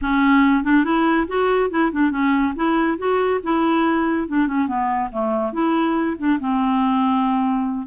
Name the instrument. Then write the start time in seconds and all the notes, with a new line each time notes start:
clarinet
0.01 C#4
0.64 D4
0.84 E4
1.27 F#4
1.70 E4
1.91 D4
2.11 C#4
2.55 E4
2.97 F#4
3.43 E4
4.27 D4
4.47 C#4
4.67 B3
5.11 A3
5.52 E4
6.17 D4
6.39 C4